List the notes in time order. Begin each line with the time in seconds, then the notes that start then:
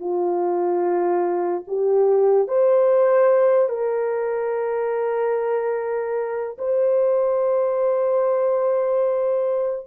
0.00 F4
1.68 G4
2.48 C5
3.69 A#4
6.59 C5